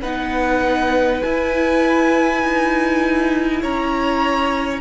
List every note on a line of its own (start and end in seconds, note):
0.00 1.22 B3
0.00 1.22 D#4
0.00 3.60 B4
0.00 1.22 F#5
1.22 4.80 E4
1.22 2.42 E4
1.22 3.62 G#5
2.42 3.62 D#4
3.60 4.80 C#4
3.60 4.80 C#5
3.60 4.80 A#5